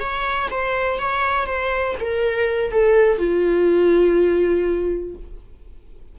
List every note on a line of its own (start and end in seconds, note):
0.00 0.49 C#5
0.51 0.99 C5
0.99 1.46 C#5
1.46 1.96 C5
2.00 2.71 A#4
2.71 3.18 A4
3.18 5.15 F4